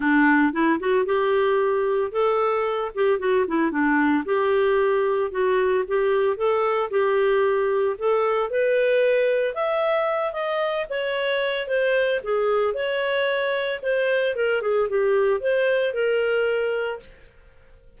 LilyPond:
\new Staff \with { instrumentName = "clarinet" } { \time 4/4 \tempo 4 = 113 d'4 e'8 fis'8 g'2 | a'4. g'8 fis'8 e'8 d'4 | g'2 fis'4 g'4 | a'4 g'2 a'4 |
b'2 e''4. dis''8~ | dis''8 cis''4. c''4 gis'4 | cis''2 c''4 ais'8 gis'8 | g'4 c''4 ais'2 | }